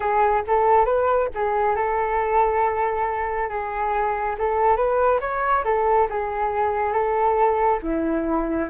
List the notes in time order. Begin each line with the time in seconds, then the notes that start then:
0.00 G#4
0.47 A4
0.85 B4
1.34 G#4
1.75 A4
3.49 G#4
4.38 A4
4.76 B4
5.20 C#5
5.64 A4
6.09 G#4
6.92 A4
7.82 E4